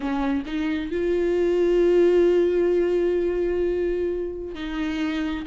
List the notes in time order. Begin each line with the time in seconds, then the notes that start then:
0.00 C#4
0.45 D#4
0.91 F4
4.55 D#4